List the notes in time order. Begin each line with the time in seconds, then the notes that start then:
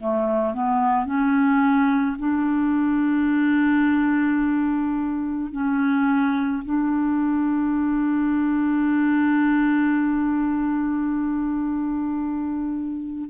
0.00 A3
0.54 B3
1.06 C#4
2.19 D4
5.53 C#4
6.65 D4